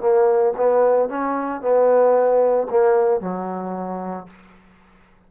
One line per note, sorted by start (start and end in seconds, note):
0.00 0.53 A#3
0.57 1.09 B3
1.09 1.61 C#4
1.61 2.67 B3
2.70 3.20 A#3
3.20 4.26 F#3